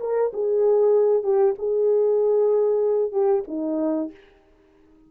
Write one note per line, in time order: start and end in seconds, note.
0.00 0.32 A#4
0.33 1.23 G#4
1.23 1.55 G4
1.58 3.12 G#4
3.12 3.43 G4
3.48 4.11 D#4